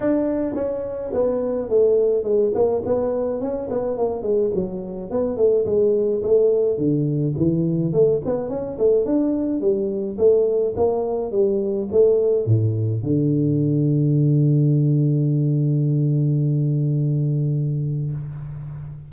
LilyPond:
\new Staff \with { instrumentName = "tuba" } { \time 4/4 \tempo 4 = 106 d'4 cis'4 b4 a4 | gis8 ais8 b4 cis'8 b8 ais8 gis8 | fis4 b8 a8 gis4 a4 | d4 e4 a8 b8 cis'8 a8 |
d'4 g4 a4 ais4 | g4 a4 a,4 d4~ | d1~ | d1 | }